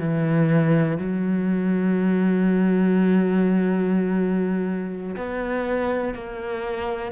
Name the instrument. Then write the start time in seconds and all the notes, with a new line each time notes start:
cello
0.00 E3
0.98 F#3
5.17 B3
6.15 A#3